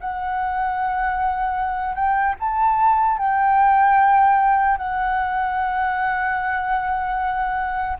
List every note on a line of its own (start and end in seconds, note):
0.00 1.95 F#5
1.95 2.35 G5
2.40 3.18 A5
3.18 4.77 G5
4.77 7.97 F#5